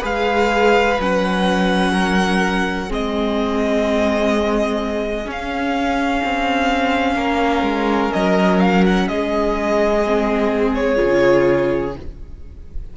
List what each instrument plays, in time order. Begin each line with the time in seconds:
0.00 cello G#3, viola G#4, violin B4 F5
0.99 cello F#3, viola C#4, violin F#5
1.93 violin A#4
2.88 cello G#3, viola C4, violin G#4 D#5
5.25 viola C#4, cello C#4
5.31 violin F5
6.24 cello C4
7.15 cello A#3, violin A#4
7.62 cello G#3
8.12 cello F#3, violin D#5
8.60 violin F5
8.86 violin F#5
9.08 cello G#3, violin G#4 D#5
10.06 viola C4
10.74 violin C#5
10.96 cello C#3, viola F4